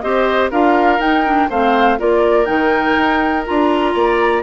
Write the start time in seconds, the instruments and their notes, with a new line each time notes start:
0.00 bassoon C4, clarinet G4, oboe C5, flute D#5
0.50 bassoon D4, clarinet F4, oboe A#4, flute F5
0.99 bassoon D#4, clarinet D#4, flute G5
1.25 clarinet D4
1.49 bassoon A3, clarinet C4, oboe C5, flute F5
1.98 bassoon A#3, clarinet F4, oboe A#4, flute D5
2.45 bassoon D#3, clarinet D#4, flute G5
2.97 bassoon D#4
3.45 bassoon D4, clarinet F4, flute A#5
3.93 bassoon A#3, oboe D5